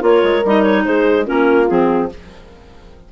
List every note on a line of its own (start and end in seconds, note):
0.00 0.23 A#3
0.00 0.41 F4
0.00 0.83 A#4
0.00 0.46 C#5
0.23 0.43 G#3
0.44 0.86 G3
0.44 1.24 D#4
0.44 0.62 D#5
0.62 0.83 C#5
0.85 1.27 G#3
0.85 1.26 G#4
0.85 1.26 C5
1.24 1.70 A#3
1.24 1.65 C#4
1.24 2.09 F4
1.24 1.68 A#4
1.68 2.12 F3
1.68 2.09 C4
1.68 2.09 G#4